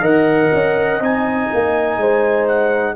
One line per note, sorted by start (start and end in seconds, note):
0.00 0.49 D#3
0.00 1.00 A#4
0.00 1.97 D#5
0.00 1.03 F#5
0.53 1.00 C#4
1.00 1.49 C4
1.00 2.96 D#4
1.00 2.48 G#5
1.53 1.97 A#3
1.97 2.95 G#3
1.97 2.96 C5
2.48 2.96 F#5